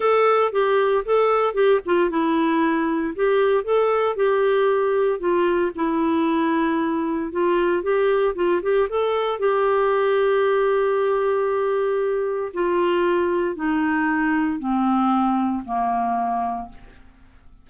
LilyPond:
\new Staff \with { instrumentName = "clarinet" } { \time 4/4 \tempo 4 = 115 a'4 g'4 a'4 g'8 f'8 | e'2 g'4 a'4 | g'2 f'4 e'4~ | e'2 f'4 g'4 |
f'8 g'8 a'4 g'2~ | g'1 | f'2 dis'2 | c'2 ais2 | }